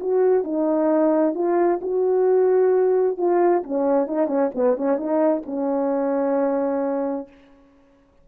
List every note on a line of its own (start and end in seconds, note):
0.00 0.44 F#4
0.44 1.34 D#4
1.34 1.80 F4
1.81 3.17 F#4
3.17 3.63 F4
3.63 4.07 C#4
4.07 4.27 D#4
4.27 4.50 C#4
4.55 4.77 B3
4.77 4.97 C#4
4.97 5.42 D#4
5.46 7.28 C#4